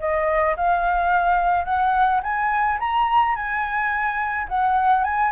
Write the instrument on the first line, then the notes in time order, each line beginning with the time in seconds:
flute
0.00 D#5
0.57 F5
1.65 F#5
2.23 G#5
2.80 A#5
3.36 G#5
4.49 F#5
5.04 G#5